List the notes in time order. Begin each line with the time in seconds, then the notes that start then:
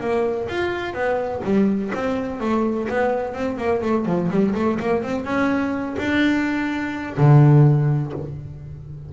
0.00 A#3
0.48 F4
0.94 B3
1.44 G3
1.94 C4
2.40 A3
2.89 B3
3.34 C4
3.57 A#3
3.82 A3
4.05 F3
4.30 G3
4.55 A3
4.80 A#3
5.03 C4
5.24 C#4
5.97 D4
7.17 D3